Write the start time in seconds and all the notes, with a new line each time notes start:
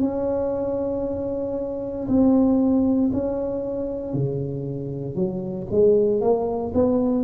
0.00 C#4
2.07 C4
3.13 C#4
4.13 C#3
5.15 F#3
5.70 G#3
6.21 A#3
6.74 B3